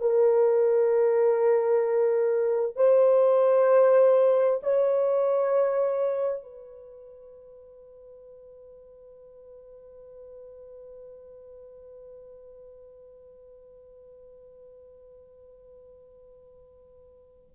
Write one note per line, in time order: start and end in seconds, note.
0.00 2.76 A#4
2.76 4.60 C5
4.62 6.43 C#5
6.43 17.50 B4